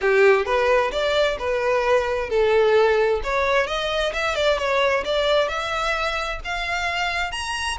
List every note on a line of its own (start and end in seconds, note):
0.01 0.45 G4
0.45 0.91 B4
0.91 1.37 D5
1.38 2.29 B4
2.29 3.21 A4
3.23 3.66 C#5
3.66 4.12 D#5
4.13 4.35 E5
4.35 4.58 D5
4.58 5.03 C#5
5.04 5.48 D5
5.48 6.40 E5
6.44 7.31 F5
7.31 7.77 A#5